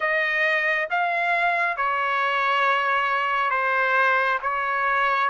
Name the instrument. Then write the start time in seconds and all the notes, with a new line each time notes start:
trumpet
0.00 D#5
0.90 F5
1.76 C#5
3.50 C5
4.42 C#5